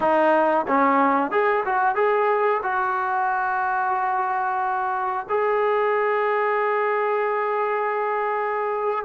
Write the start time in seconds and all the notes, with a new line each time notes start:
0.00 D#4
0.67 C#4
1.31 G#4
1.65 F#4
1.95 G#4
2.62 F#4
5.29 G#4